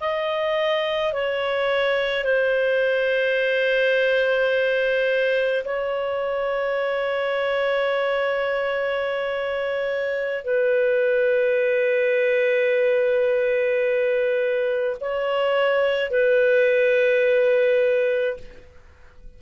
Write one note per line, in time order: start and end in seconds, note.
0.00 1.13 D#5
1.13 2.24 C#5
2.24 5.63 C5
5.64 10.44 C#5
10.44 14.97 B4
15.00 16.10 C#5
16.10 18.37 B4